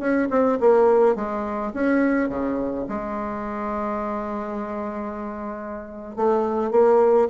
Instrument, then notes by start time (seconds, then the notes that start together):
bassoon
0.00 C#4
0.31 C4
0.61 A#3
1.16 G#3
1.74 C#4
2.29 C#3
2.89 G#3
6.17 A3
6.71 A#3